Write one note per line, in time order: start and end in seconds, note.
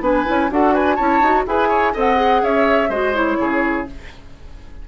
0.00 0.24 B3
0.00 0.25 D4
0.00 0.51 B4
0.00 0.51 G#5
0.25 0.50 C#4
0.25 0.49 E4
0.50 0.98 D4
0.50 0.98 F#4
0.50 0.74 A4
0.50 0.74 F#5
0.74 0.95 B4
0.74 0.96 G#5
0.95 1.21 C#4
0.95 1.22 E4
0.95 1.43 C#5
0.95 1.44 A5
1.21 1.45 D#4
1.21 1.47 F#4
1.47 1.95 E4
1.47 1.94 G#4
1.47 1.68 B4
1.47 1.96 G#5
1.68 1.92 C#5
1.94 2.42 C4
1.94 2.16 A4
1.94 2.42 D#5
1.94 2.44 F#5
2.16 2.88 G#4
2.42 2.89 C#4
2.42 2.89 C#5
2.42 2.91 E5
2.89 3.37 G#3
2.89 3.14 F#4
2.89 3.37 C5
2.89 3.15 D#5
3.14 3.86 E4
3.14 3.87 C#5
3.40 3.88 C#3
3.40 3.88 G#4